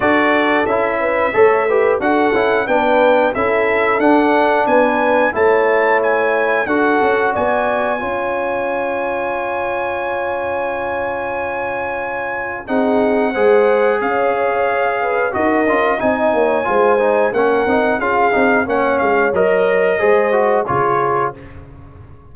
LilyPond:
<<
  \new Staff \with { instrumentName = "trumpet" } { \time 4/4 \tempo 4 = 90 d''4 e''2 fis''4 | g''4 e''4 fis''4 gis''4 | a''4 gis''4 fis''4 gis''4~ | gis''1~ |
gis''2. fis''4~ | fis''4 f''2 dis''4 | gis''2 fis''4 f''4 | fis''8 f''8 dis''2 cis''4 | }
  \new Staff \with { instrumentName = "horn" } { \time 4/4 a'4. b'8 cis''8 b'8 a'4 | b'4 a'2 b'4 | cis''2 a'4 d''4 | cis''1~ |
cis''2. gis'4 | c''4 cis''4. b'8 ais'4 | dis''8 cis''8 c''4 ais'4 gis'4 | cis''2 c''4 gis'4 | }
  \new Staff \with { instrumentName = "trombone" } { \time 4/4 fis'4 e'4 a'8 g'8 fis'8 e'8 | d'4 e'4 d'2 | e'2 fis'2 | f'1~ |
f'2. dis'4 | gis'2. fis'8 f'8 | dis'4 f'8 dis'8 cis'8 dis'8 f'8 dis'8 | cis'4 ais'4 gis'8 fis'8 f'4 | }
  \new Staff \with { instrumentName = "tuba" } { \time 4/4 d'4 cis'4 a4 d'8 cis'8 | b4 cis'4 d'4 b4 | a2 d'8 cis'8 b4 | cis'1~ |
cis'2. c'4 | gis4 cis'2 dis'8 cis'8 | c'8 ais8 gis4 ais8 c'8 cis'8 c'8 | ais8 gis8 fis4 gis4 cis4 | }
>>